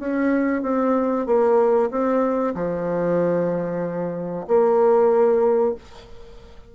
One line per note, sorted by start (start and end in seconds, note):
0.00 0.63 C#4
0.63 1.26 C4
1.27 1.91 A#3
1.91 2.55 C4
2.55 4.47 F3
4.48 5.76 A#3